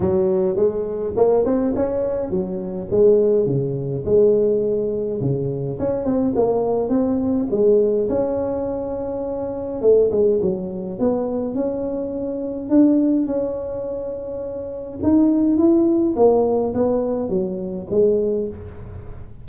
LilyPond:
\new Staff \with { instrumentName = "tuba" } { \time 4/4 \tempo 4 = 104 fis4 gis4 ais8 c'8 cis'4 | fis4 gis4 cis4 gis4~ | gis4 cis4 cis'8 c'8 ais4 | c'4 gis4 cis'2~ |
cis'4 a8 gis8 fis4 b4 | cis'2 d'4 cis'4~ | cis'2 dis'4 e'4 | ais4 b4 fis4 gis4 | }